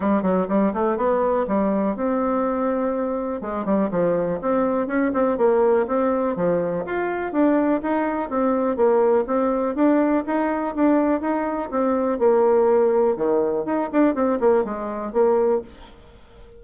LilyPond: \new Staff \with { instrumentName = "bassoon" } { \time 4/4 \tempo 4 = 123 g8 fis8 g8 a8 b4 g4 | c'2. gis8 g8 | f4 c'4 cis'8 c'8 ais4 | c'4 f4 f'4 d'4 |
dis'4 c'4 ais4 c'4 | d'4 dis'4 d'4 dis'4 | c'4 ais2 dis4 | dis'8 d'8 c'8 ais8 gis4 ais4 | }